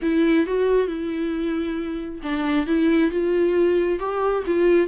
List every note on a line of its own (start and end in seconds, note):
0.02 0.46 E4
0.46 0.87 F#4
0.87 2.20 E4
2.23 2.66 D4
2.66 3.11 E4
3.11 3.99 F4
3.99 4.43 G4
4.46 4.87 F4